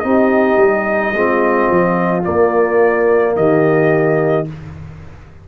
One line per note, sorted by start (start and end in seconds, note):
0.00 0.57 C4
0.00 1.15 D#4
0.00 2.22 D#5
0.06 1.16 G4
0.57 1.13 G3
1.14 1.69 G#3
1.14 2.23 C4
1.14 3.37 F4
1.71 2.26 F3
2.23 4.46 A#3
2.23 3.37 A#3
2.23 3.36 D5
3.37 4.48 D#3
3.37 4.49 G4
3.37 4.48 D#5